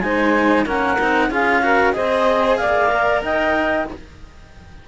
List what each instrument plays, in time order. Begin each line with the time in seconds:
0.00 cello G#3 D#4, saxophone C5, clarinet G#5
0.65 cello A#3 C#4, saxophone A#4, clarinet F#5
0.99 cello C4 D#4
1.30 cello C#4 F4, saxophone G#4, clarinet F5
1.62 cello F#4, saxophone A#4
1.93 cello C4 G#4, saxophone C5, clarinet D#5
2.57 cello A#3, saxophone D5, clarinet F5
2.89 cello A#4
3.22 cello D#4, saxophone D#5, clarinet G5